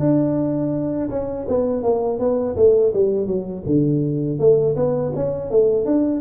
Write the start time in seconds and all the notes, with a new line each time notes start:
0.00 D4
1.10 C#4
1.49 B3
1.83 A#3
2.20 B3
2.57 A3
2.94 G3
3.27 F#3
3.66 D3
4.40 A3
4.76 B3
5.16 C#4
5.51 A3
5.86 D4